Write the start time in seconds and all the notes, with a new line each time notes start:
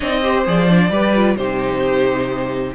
0.00 C4 D#4 D5 D#5
0.22 G4 C5
0.45 F3 G#4 D5
0.69 D4
0.89 G3 G4 B4
1.15 F4
1.36 C3 D#4 G4 C5